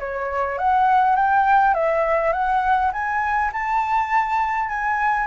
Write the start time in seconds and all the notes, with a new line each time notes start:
0.00 C#5
0.59 F#5
1.17 G5
1.75 E5
2.33 F#5
2.93 G#5
3.53 A5
4.70 G#5